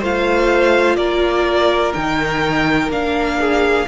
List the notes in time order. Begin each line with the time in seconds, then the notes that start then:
0.00 A3 F4 C5 F5
0.96 A#3 A#4 D5
1.94 D#3 D#4 G5
2.90 A#3 D4 F5
3.40 G#4